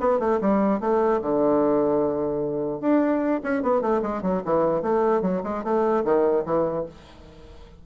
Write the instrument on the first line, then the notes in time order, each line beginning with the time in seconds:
bassoon
0.00 B3
0.19 A3
0.41 G3
0.80 A3
1.22 D3
2.80 D4
3.43 C#4
3.62 B3
3.81 A3
4.02 G#3
4.22 F#3
4.45 E3
4.82 A3
5.22 F#3
5.43 G#3
5.64 A3
6.04 D#3
6.45 E3